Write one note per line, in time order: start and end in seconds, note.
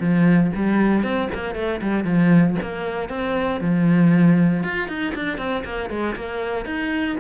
0.00 0.51 F3
0.55 1.03 G3
1.03 1.28 C4
1.34 1.55 A#3
1.55 1.80 A3
1.81 2.04 G3
2.04 2.55 F3
2.62 3.09 A#3
3.09 3.60 C4
3.60 4.63 F3
4.63 4.88 F4
4.88 5.14 D#4
5.15 5.38 D4
5.38 5.63 C4
5.65 5.90 A#3
5.90 6.15 G#3
6.16 6.65 A#3
6.65 7.17 D#4